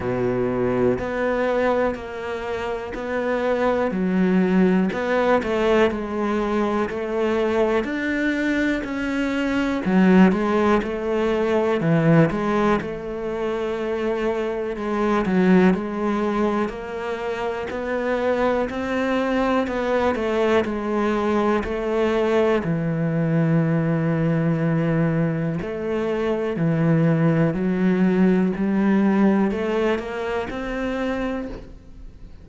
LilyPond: \new Staff \with { instrumentName = "cello" } { \time 4/4 \tempo 4 = 61 b,4 b4 ais4 b4 | fis4 b8 a8 gis4 a4 | d'4 cis'4 fis8 gis8 a4 | e8 gis8 a2 gis8 fis8 |
gis4 ais4 b4 c'4 | b8 a8 gis4 a4 e4~ | e2 a4 e4 | fis4 g4 a8 ais8 c'4 | }